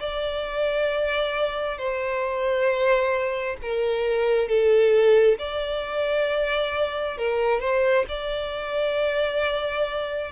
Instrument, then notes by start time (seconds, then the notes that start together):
violin
0.00 D5
1.78 C5
3.63 A#4
4.49 A4
5.39 D5
7.18 A#4
7.61 C5
8.09 D5